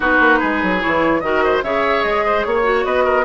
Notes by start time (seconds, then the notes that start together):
0.00 B3 D#4 F#4 B4
0.20 A#3
0.39 G#3 G#4
0.62 F#3
0.80 E3 E4 C#5
1.20 D#3 F#4 A#4 D#5
1.43 C5
1.62 C#3 G#4 C#5 E5
2.03 G#3 D#5
2.25 C5
2.44 A#3 C#5
2.62 F#4
2.84 B3 B4 D#5
3.04 A#4